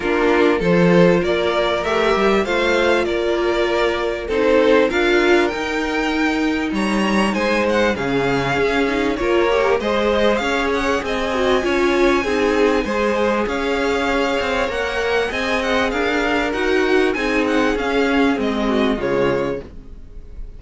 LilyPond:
<<
  \new Staff \with { instrumentName = "violin" } { \time 4/4 \tempo 4 = 98 ais'4 c''4 d''4 e''4 | f''4 d''2 c''4 | f''4 g''2 ais''4 | gis''8 fis''8 f''2 cis''4 |
dis''4 f''8 fis''8 gis''2~ | gis''2 f''2 | fis''4 gis''8 fis''8 f''4 fis''4 | gis''8 fis''8 f''4 dis''4 cis''4 | }
  \new Staff \with { instrumentName = "violin" } { \time 4/4 f'4 a'4 ais'2 | c''4 ais'2 a'4 | ais'2. cis''4 | c''4 gis'2 ais'4 |
c''4 cis''4 dis''4 cis''4 | gis'4 c''4 cis''2~ | cis''4 dis''4 ais'2 | gis'2~ gis'8 fis'8 f'4 | }
  \new Staff \with { instrumentName = "viola" } { \time 4/4 d'4 f'2 g'4 | f'2. dis'4 | f'4 dis'2.~ | dis'4 cis'4. dis'8 f'8 g'8 |
gis'2~ gis'8 fis'8 f'4 | dis'4 gis'2. | ais'4 gis'2 fis'4 | dis'4 cis'4 c'4 gis4 | }
  \new Staff \with { instrumentName = "cello" } { \time 4/4 ais4 f4 ais4 a8 g8 | a4 ais2 c'4 | d'4 dis'2 g4 | gis4 cis4 cis'4 ais4 |
gis4 cis'4 c'4 cis'4 | c'4 gis4 cis'4. c'8 | ais4 c'4 d'4 dis'4 | c'4 cis'4 gis4 cis4 | }
>>